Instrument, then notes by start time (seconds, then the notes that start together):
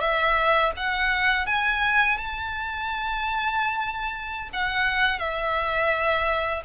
violin
0.00 E5
0.77 F#5
1.46 G#5
2.17 A5
4.53 F#5
5.19 E5